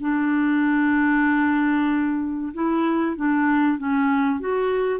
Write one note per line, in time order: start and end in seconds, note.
0.00 2.53 D4
2.53 3.16 E4
3.16 3.78 D4
3.78 4.40 C#4
4.40 5.00 F#4